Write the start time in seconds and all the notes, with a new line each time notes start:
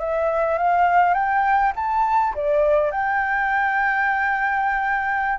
0.00 E5
0.58 F5
1.15 G5
1.76 A5
2.35 D5
2.92 G5